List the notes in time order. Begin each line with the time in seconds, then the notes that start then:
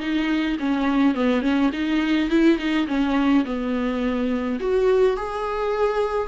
0.00 D#4
0.60 C#4
1.15 B3
1.42 C#4
1.73 D#4
2.30 E4
2.58 D#4
2.88 C#4
3.45 B3
4.60 F#4
5.17 G#4